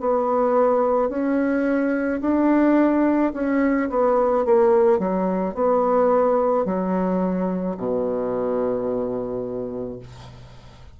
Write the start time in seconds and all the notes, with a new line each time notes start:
0.00 B3
1.09 C#4
2.21 D4
3.34 C#4
3.90 B3
4.45 A#3
4.99 F#3
5.55 B3
6.65 F#3
7.77 B2